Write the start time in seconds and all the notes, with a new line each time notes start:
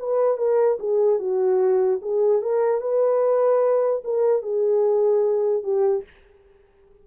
0.00 B4
0.38 A#4
0.80 G#4
1.19 F#4
2.02 G#4
2.42 A#4
2.81 B4
4.05 A#4
4.43 G#4
5.64 G4